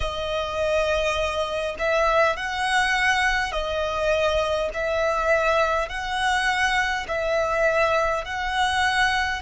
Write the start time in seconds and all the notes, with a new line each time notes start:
0.00 D#5
1.79 E5
2.36 F#5
3.51 D#5
4.73 E5
5.88 F#5
7.07 E5
8.24 F#5